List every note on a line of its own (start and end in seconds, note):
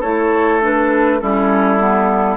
0.00 1.22 A3
0.00 0.61 E4
0.00 1.18 A4
0.00 0.60 C#5
0.61 1.20 D4
0.61 1.20 B4
1.20 2.37 G3
1.20 1.79 C#4
1.20 2.37 E4
1.20 2.37 A4
1.79 2.37 B3